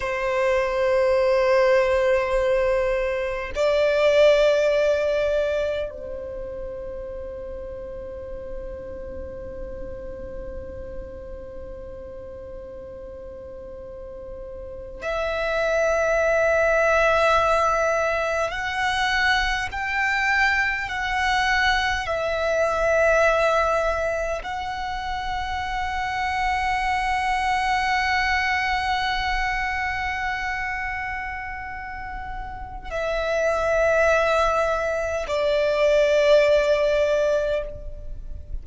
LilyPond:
\new Staff \with { instrumentName = "violin" } { \time 4/4 \tempo 4 = 51 c''2. d''4~ | d''4 c''2.~ | c''1~ | c''8. e''2. fis''16~ |
fis''8. g''4 fis''4 e''4~ e''16~ | e''8. fis''2.~ fis''16~ | fis''1 | e''2 d''2 | }